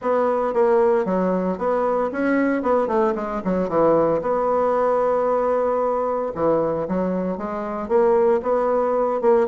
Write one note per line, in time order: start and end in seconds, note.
0.01 0.53 B3
0.53 1.05 A#3
1.05 1.57 F#3
1.57 2.10 B3
2.12 2.62 C#4
2.62 2.87 B3
2.87 3.14 A3
3.15 3.41 G#3
3.44 3.68 F#3
3.68 4.21 E3
4.21 6.32 B3
6.34 6.87 E3
6.88 7.37 F#3
7.37 7.88 G#3
7.88 8.40 A#3
8.42 9.21 B3
9.21 9.47 A#3